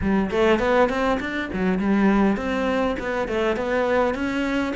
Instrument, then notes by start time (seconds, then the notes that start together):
cello
0.01 G3
0.30 A3
0.59 B3
0.89 C4
1.19 D4
1.53 F#3
1.78 G3
2.37 C4
2.99 B3
3.28 A3
3.56 B3
4.14 C#4